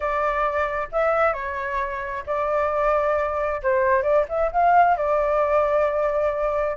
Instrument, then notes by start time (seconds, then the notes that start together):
flute
0.00 D5
0.92 E5
1.33 C#5
2.26 D5
3.62 C5
4.02 D5
4.28 E5
4.52 F5
4.96 D5